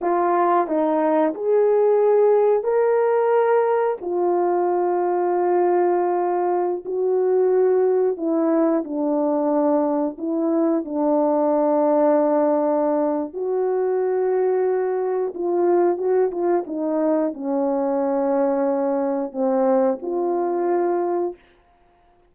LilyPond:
\new Staff \with { instrumentName = "horn" } { \time 4/4 \tempo 4 = 90 f'4 dis'4 gis'2 | ais'2 f'2~ | f'2~ f'16 fis'4.~ fis'16~ | fis'16 e'4 d'2 e'8.~ |
e'16 d'2.~ d'8. | fis'2. f'4 | fis'8 f'8 dis'4 cis'2~ | cis'4 c'4 f'2 | }